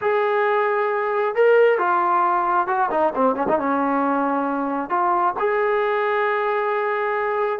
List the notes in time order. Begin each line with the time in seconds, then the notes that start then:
0.01 G#4
1.35 A#4
1.78 F4
2.67 F#4
2.90 D#4
3.15 C4
3.35 C#4
3.48 D#4
3.58 C#4
4.89 F4
5.39 G#4